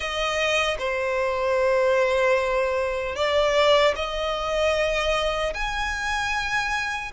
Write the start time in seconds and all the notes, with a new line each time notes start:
0.00 D#5
0.78 C5
3.15 D5
3.95 D#5
5.54 G#5